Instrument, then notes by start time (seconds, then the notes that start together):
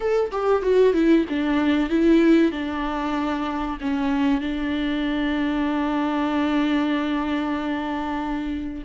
viola
0.00 A4
0.31 G4
0.62 F#4
0.93 E4
1.29 D4
1.89 E4
2.51 D4
3.80 C#4
4.40 D4